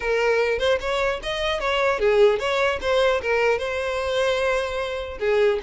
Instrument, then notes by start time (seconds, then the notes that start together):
violin
0.00 A#4
0.58 C5
0.80 C#5
1.23 D#5
1.59 C#5
1.99 G#4
2.39 C#5
2.81 C5
3.21 A#4
3.58 C5
5.19 G#4